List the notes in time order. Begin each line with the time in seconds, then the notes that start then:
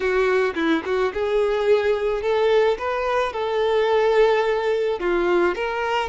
0.00 F#4
0.55 E4
0.85 F#4
1.13 G#4
2.22 A4
2.78 B4
3.32 A4
4.99 F4
5.55 A#4